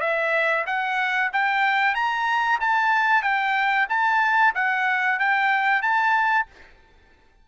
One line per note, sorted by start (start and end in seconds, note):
0.00 0.65 E5
0.66 1.30 F#5
1.33 1.94 G5
1.94 2.59 A#5
2.60 3.22 A5
3.22 3.87 G5
3.89 4.54 A5
4.55 5.19 F#5
5.19 5.82 G5
5.82 6.46 A5